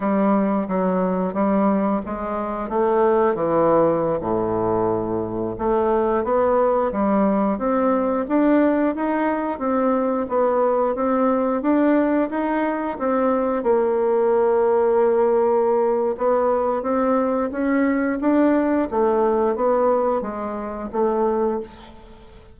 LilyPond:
\new Staff \with { instrumentName = "bassoon" } { \time 4/4 \tempo 4 = 89 g4 fis4 g4 gis4 | a4 e4~ e16 a,4.~ a,16~ | a,16 a4 b4 g4 c'8.~ | c'16 d'4 dis'4 c'4 b8.~ |
b16 c'4 d'4 dis'4 c'8.~ | c'16 ais2.~ ais8. | b4 c'4 cis'4 d'4 | a4 b4 gis4 a4 | }